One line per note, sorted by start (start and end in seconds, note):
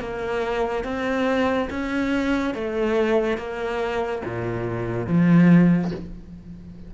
0.00 0.84 A#3
0.84 1.69 C4
1.70 2.54 C#4
2.54 3.38 A3
3.38 4.22 A#3
4.25 5.07 A#2
5.07 5.92 F3